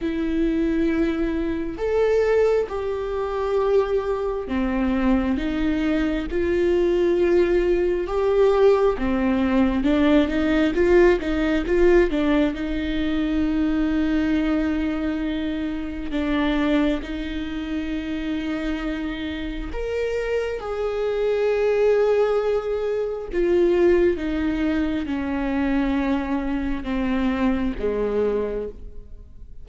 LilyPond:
\new Staff \with { instrumentName = "viola" } { \time 4/4 \tempo 4 = 67 e'2 a'4 g'4~ | g'4 c'4 dis'4 f'4~ | f'4 g'4 c'4 d'8 dis'8 | f'8 dis'8 f'8 d'8 dis'2~ |
dis'2 d'4 dis'4~ | dis'2 ais'4 gis'4~ | gis'2 f'4 dis'4 | cis'2 c'4 gis4 | }